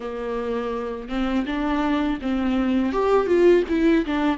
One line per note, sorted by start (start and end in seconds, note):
0.00 1.08 A#3
1.08 1.45 C4
1.45 2.19 D4
2.21 2.92 C4
2.92 3.26 G4
3.26 3.63 F4
3.68 4.05 E4
4.05 4.37 D4